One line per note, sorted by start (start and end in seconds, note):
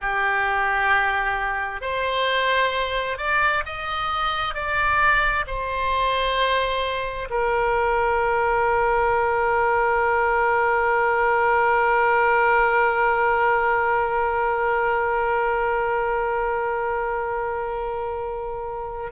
0.01 1.81 G4
1.81 3.17 C5
3.17 3.63 D5
3.65 4.54 D#5
4.54 5.45 D5
5.46 7.28 C5
7.30 19.12 A#4